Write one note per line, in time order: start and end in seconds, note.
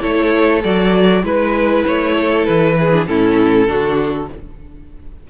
0.00 0.64 A3
0.00 0.61 E4
0.00 1.22 A4
0.00 0.62 C#5
0.64 1.23 F#3
0.64 1.23 F#4
0.64 1.24 D5
1.23 1.84 G#3
1.23 2.90 E4
1.23 1.85 B4
1.23 2.15 B4
1.86 2.48 A3
1.86 2.45 C#5
2.15 2.76 A4
2.45 3.07 E3
2.45 3.05 B4
2.79 3.08 G#4
2.92 3.07 D4
3.07 3.67 A2
3.07 3.67 C#4
3.07 3.69 E4
3.07 4.28 A4
3.67 4.28 D3
3.67 4.28 D4
3.67 4.29 F#4